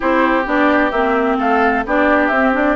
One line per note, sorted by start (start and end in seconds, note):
0.00 0.46 C4
0.00 0.45 E4
0.00 1.38 G4
0.00 0.47 C5
0.45 0.92 B3
0.45 0.91 D4
0.45 0.91 D5
0.91 1.38 A#3
0.91 1.86 C4
0.91 1.37 E5
1.38 1.84 A3
1.38 1.84 A4
1.38 1.85 F5
1.85 2.30 B3
1.85 2.32 D4
1.85 2.76 G4
1.85 2.27 D5
2.27 2.76 C4
2.27 2.50 E5
2.33 2.53 C4
2.53 2.76 D4
2.53 2.76 D5